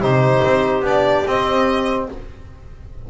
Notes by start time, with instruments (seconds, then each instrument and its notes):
0.00 double bass C3, trombone D#4, clarinet G4, violin C5
0.44 double bass C4
0.81 double bass B3, trombone D4, violin D5
1.26 double bass C4, trombone C4, violin D#5